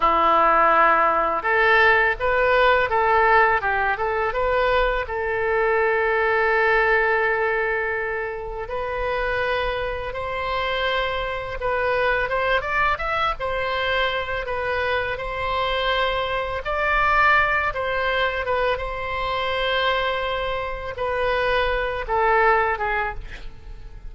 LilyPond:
\new Staff \with { instrumentName = "oboe" } { \time 4/4 \tempo 4 = 83 e'2 a'4 b'4 | a'4 g'8 a'8 b'4 a'4~ | a'1 | b'2 c''2 |
b'4 c''8 d''8 e''8 c''4. | b'4 c''2 d''4~ | d''8 c''4 b'8 c''2~ | c''4 b'4. a'4 gis'8 | }